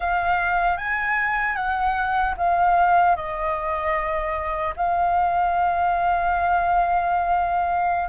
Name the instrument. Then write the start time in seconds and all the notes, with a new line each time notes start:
flute
0.00 F5
0.77 G#5
1.55 F#5
2.37 F5
3.16 D#5
4.76 F5